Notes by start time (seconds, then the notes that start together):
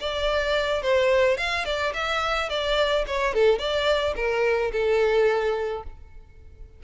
0.00 D5
0.82 C5
1.37 F5
1.65 D5
1.94 E5
2.49 D5
3.07 C#5
3.34 A4
3.59 D5
4.16 A#4
4.72 A4